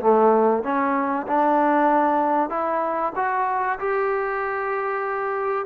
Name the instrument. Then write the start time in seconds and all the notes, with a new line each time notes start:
trombone
0.00 A3
0.63 C#4
1.27 D4
2.49 E4
3.15 F#4
3.79 G4